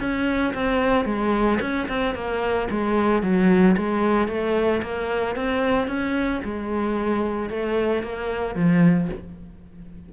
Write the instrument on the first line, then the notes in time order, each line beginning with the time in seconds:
cello
0.00 C#4
0.54 C4
1.05 G#3
1.61 C#4
1.88 C4
2.15 A#3
2.71 G#3
3.23 F#3
3.77 G#3
4.28 A3
4.82 A#3
5.36 C4
5.88 C#4
6.44 G#3
7.50 A3
8.03 A#3
8.55 F3